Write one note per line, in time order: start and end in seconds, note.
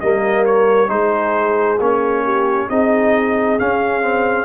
0.00 0.90 G3
0.00 0.88 A#3
0.00 0.91 A#4
0.00 0.45 D#5
0.46 0.90 C#5
0.88 1.79 G#3
0.88 1.78 D#4
0.88 2.24 G#4
0.88 1.79 C5
1.80 2.69 A#3
1.80 2.70 C#4
1.80 2.70 C#5
2.24 2.69 G4
2.70 3.59 C4
2.70 3.59 D#4
2.70 4.45 G#4
2.70 3.59 D#5
3.59 4.02 C#4
3.59 4.45 C#4
3.59 4.45 F5
4.02 4.45 C4